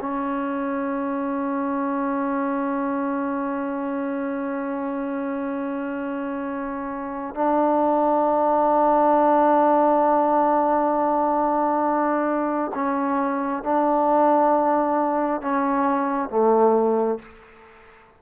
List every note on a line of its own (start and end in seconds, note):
0.00 7.34 C#4
7.34 12.72 D4
12.74 13.63 C#4
13.63 15.41 D4
15.41 16.29 C#4
16.29 17.19 A3